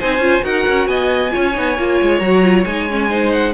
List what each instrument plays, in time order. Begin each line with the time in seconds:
0.00 cello C4, viola D#4, violin C5 G#5
0.19 cello C#4, viola F4
0.41 cello D#4, viola F#4, violin A#4 F#5
0.68 cello C#4
0.87 cello B3, violin D#5 G#5
1.31 cello C#4, viola F4, violin C#5
1.54 cello B3, viola D#4
1.79 cello A#3, viola F4
2.02 cello G#3
2.19 cello F#3, viola F#4, violin A#5
2.44 viola F4
2.65 cello G#3, viola D#4, violin G#5
2.90 viola C#4
3.10 viola D#4, violin C5
3.32 violin F#5